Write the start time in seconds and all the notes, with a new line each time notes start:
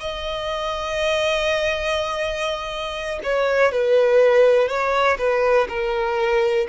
0.00 D#5
3.23 C#5
3.72 B4
4.68 C#5
5.18 B4
5.69 A#4